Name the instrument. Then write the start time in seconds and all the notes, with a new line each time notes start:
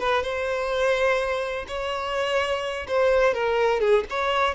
violin
0.00 B4
0.23 C5
1.68 C#5
2.88 C5
3.34 A#4
3.81 G#4
4.11 C#5